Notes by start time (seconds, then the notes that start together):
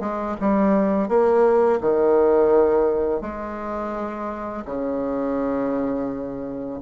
0.00 G#3
0.40 G3
1.08 A#3
1.81 D#3
3.21 G#3
4.65 C#3